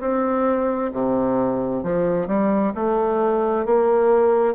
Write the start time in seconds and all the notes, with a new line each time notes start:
0.00 C4
0.93 C3
1.83 F3
2.27 G3
2.75 A3
3.66 A#3